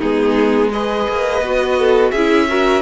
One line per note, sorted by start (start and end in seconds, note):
0.00 1.08 G#3
0.00 0.72 B3
0.00 0.71 D#4
0.00 0.71 G#4
0.72 1.43 G#4
0.72 1.79 B4
0.72 2.11 D#5
1.09 1.41 A#3
1.41 2.12 B3
1.41 2.15 F#4
1.79 2.12 A4
2.11 2.82 C#4
2.11 2.49 E4
2.11 2.47 G#4
2.11 2.82 E5
2.49 2.82 F#4
2.49 2.82 A#4